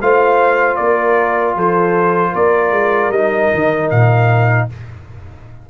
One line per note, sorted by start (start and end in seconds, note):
0.00 0.78 A3
0.00 3.13 F4
0.00 0.79 C5
0.00 0.76 F5
0.76 1.55 A#3
0.76 1.56 A#4
0.76 1.54 D5
1.55 2.33 F3
1.55 2.32 A4
1.55 2.35 C5
2.32 2.71 A#3
2.32 4.66 A#4
2.32 3.11 D5
2.71 3.09 G#3
3.09 3.48 G3
3.09 4.69 D#4
3.09 3.89 D#5
3.53 3.90 D#3
3.90 4.68 A#2
3.90 4.68 F5